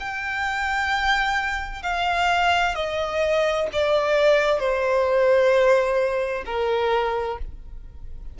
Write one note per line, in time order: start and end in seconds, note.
0.00 1.83 G5
1.83 2.75 F5
2.75 3.68 D#5
3.73 4.60 D5
4.60 6.44 C5
6.46 7.38 A#4